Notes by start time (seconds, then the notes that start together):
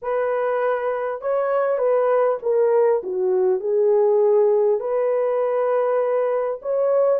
0.01 B4
1.21 C#5
1.78 B4
2.42 A#4
3.03 F#4
3.60 G#4
4.79 B4
6.62 C#5